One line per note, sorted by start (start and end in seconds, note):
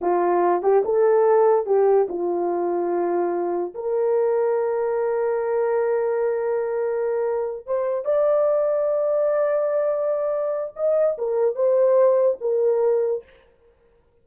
0.01 0.62 F4
0.62 0.83 G4
0.84 1.66 A4
1.66 2.07 G4
2.08 3.74 F4
3.74 7.66 A#4
7.66 8.04 C5
8.04 10.73 D5
10.76 11.17 D#5
11.17 11.55 A#4
11.55 12.38 C5
12.40 13.23 A#4